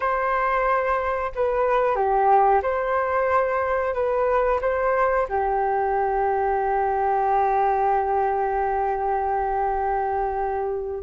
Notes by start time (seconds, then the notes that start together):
0.00 C5
1.35 B4
1.95 G4
2.62 C5
3.94 B4
4.61 C5
5.28 G4